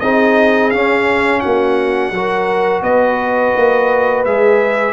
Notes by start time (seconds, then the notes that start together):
0.00 C4 D#4 G#4 D#5
0.71 C#4 F5
1.40 A#3 F#4 F#5
2.11 F#3 F#4 A#4
2.82 B3 B4 D#5
3.56 A#3
4.25 G#3 G#4 E5